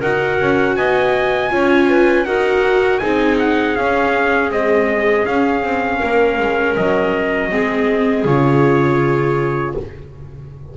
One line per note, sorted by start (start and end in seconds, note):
0.00 0.40 D#4
0.00 1.50 F#4
0.00 0.75 A#4
0.00 0.77 F#5
0.41 0.77 C#4
0.77 1.52 B3
0.77 1.53 D#5
0.77 2.25 G#5
1.50 2.26 C#4
1.50 2.25 F4
1.50 1.90 C#5
1.90 2.27 B4
2.25 3.01 D#4
2.25 3.02 F#4
2.25 3.00 A#4
2.25 2.99 F#5
2.99 3.77 C4
2.99 3.77 D#4
2.99 6.00 G#4
2.99 3.36 G#5
3.39 3.76 F#5
3.76 4.51 C#4
3.76 4.51 F5
4.51 5.26 G#3
4.51 5.26 C4
4.51 5.26 D#5
5.26 5.64 C#4
5.26 7.51 C#4
5.26 6.76 F5
5.64 6.01 C4
6.00 6.39 A#3
6.00 7.50 A#4
6.39 6.76 G#3
6.77 7.52 F#3
6.77 8.26 D#5
7.51 8.25 G#3
7.51 8.26 C4
7.51 9.77 G#4
8.25 9.75 C#3
8.25 9.77 F4
8.25 9.76 C#5